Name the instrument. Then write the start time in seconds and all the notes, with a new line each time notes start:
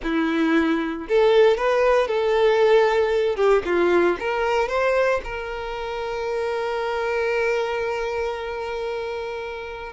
violin
0.03 E4
1.08 A4
1.57 B4
2.07 A4
3.36 G4
3.65 F4
4.19 A#4
4.68 C5
5.24 A#4